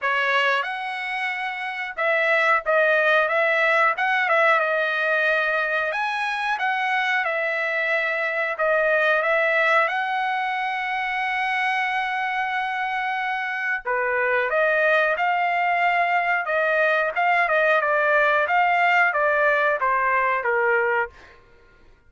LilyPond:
\new Staff \with { instrumentName = "trumpet" } { \time 4/4 \tempo 4 = 91 cis''4 fis''2 e''4 | dis''4 e''4 fis''8 e''8 dis''4~ | dis''4 gis''4 fis''4 e''4~ | e''4 dis''4 e''4 fis''4~ |
fis''1~ | fis''4 b'4 dis''4 f''4~ | f''4 dis''4 f''8 dis''8 d''4 | f''4 d''4 c''4 ais'4 | }